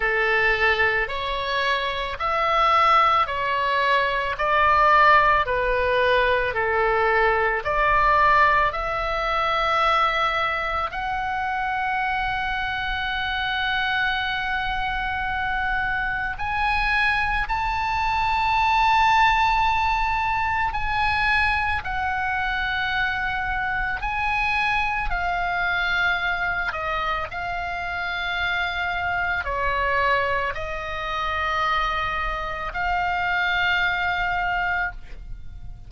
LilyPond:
\new Staff \with { instrumentName = "oboe" } { \time 4/4 \tempo 4 = 55 a'4 cis''4 e''4 cis''4 | d''4 b'4 a'4 d''4 | e''2 fis''2~ | fis''2. gis''4 |
a''2. gis''4 | fis''2 gis''4 f''4~ | f''8 dis''8 f''2 cis''4 | dis''2 f''2 | }